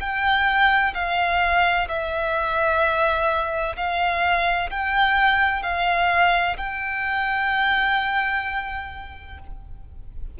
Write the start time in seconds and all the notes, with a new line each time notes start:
0.00 G5
0.94 F5
1.88 E5
3.76 F5
4.70 G5
5.63 F5
6.57 G5